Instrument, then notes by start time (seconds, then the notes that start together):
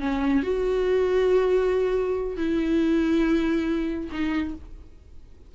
viola
0.00 C#4
0.43 F#4
2.37 E4
4.11 D#4